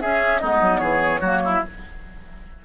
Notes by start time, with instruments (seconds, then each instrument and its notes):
0.00 clarinet C#4, bassoon C#4, oboe G#4, flute E5
0.39 bassoon G#3, clarinet B3, oboe D#4, flute D#5
0.61 bassoon F#3
0.78 bassoon E3, oboe G#4, flute C#5
1.21 bassoon F#3, clarinet A#3, oboe F#4
1.45 oboe E4